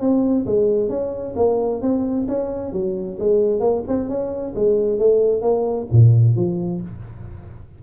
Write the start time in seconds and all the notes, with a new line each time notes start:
0.00 C4
0.45 G#3
0.89 C#4
1.36 A#3
1.81 C4
2.27 C#4
2.72 F#3
3.19 G#3
3.60 A#3
3.87 C4
4.08 C#4
4.55 G#3
4.98 A3
5.41 A#3
5.92 A#2
6.36 F3